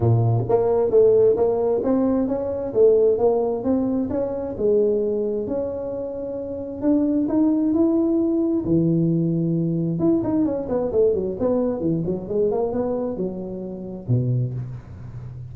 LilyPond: \new Staff \with { instrumentName = "tuba" } { \time 4/4 \tempo 4 = 132 ais,4 ais4 a4 ais4 | c'4 cis'4 a4 ais4 | c'4 cis'4 gis2 | cis'2. d'4 |
dis'4 e'2 e4~ | e2 e'8 dis'8 cis'8 b8 | a8 fis8 b4 e8 fis8 gis8 ais8 | b4 fis2 b,4 | }